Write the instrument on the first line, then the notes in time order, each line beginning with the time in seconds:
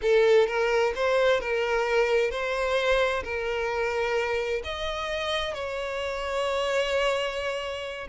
violin
0.02 A4
0.47 A#4
0.95 C5
1.40 A#4
2.30 C5
3.23 A#4
4.64 D#5
5.53 C#5